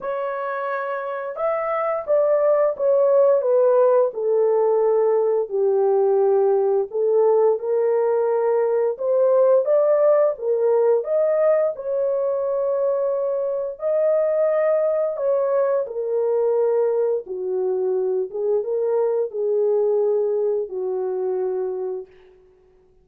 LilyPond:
\new Staff \with { instrumentName = "horn" } { \time 4/4 \tempo 4 = 87 cis''2 e''4 d''4 | cis''4 b'4 a'2 | g'2 a'4 ais'4~ | ais'4 c''4 d''4 ais'4 |
dis''4 cis''2. | dis''2 cis''4 ais'4~ | ais'4 fis'4. gis'8 ais'4 | gis'2 fis'2 | }